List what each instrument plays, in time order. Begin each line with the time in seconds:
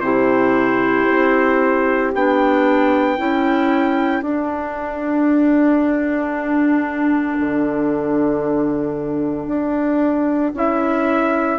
0.00 bassoon C3, clarinet E4, horn G4, trumpet C5
1.10 bassoon C4
2.15 bassoon B3, clarinet D4, trumpet G5
3.18 bassoon C#4, clarinet E4, horn A4
4.22 bassoon D4, clarinet D4, trumpet F#5
7.40 bassoon D3
9.48 bassoon D4
10.54 bassoon C#4, clarinet E4, trumpet E5